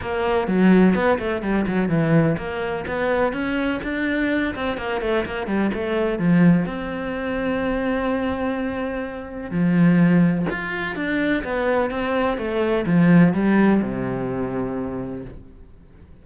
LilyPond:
\new Staff \with { instrumentName = "cello" } { \time 4/4 \tempo 4 = 126 ais4 fis4 b8 a8 g8 fis8 | e4 ais4 b4 cis'4 | d'4. c'8 ais8 a8 ais8 g8 | a4 f4 c'2~ |
c'1 | f2 f'4 d'4 | b4 c'4 a4 f4 | g4 c2. | }